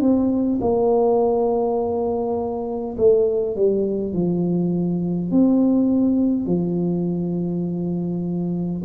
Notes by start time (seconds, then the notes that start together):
0.00 C4
0.61 A#3
2.97 A3
3.56 G3
4.13 F3
5.31 C4
6.46 F3